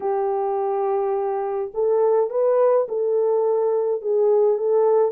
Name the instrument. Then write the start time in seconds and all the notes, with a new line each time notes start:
horn
0.00 G4
1.74 A4
2.29 B4
2.88 A4
4.01 G#4
4.58 A4